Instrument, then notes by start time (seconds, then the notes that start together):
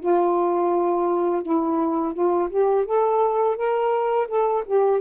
saxophone
0.00 F4
1.43 E4
2.13 F4
2.50 G4
2.85 A4
3.56 A#4
4.28 A4
4.66 G4